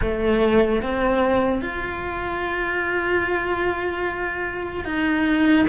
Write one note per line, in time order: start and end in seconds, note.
0.01 0.82 A3
0.82 1.61 C4
1.61 4.84 F4
4.84 5.65 D#4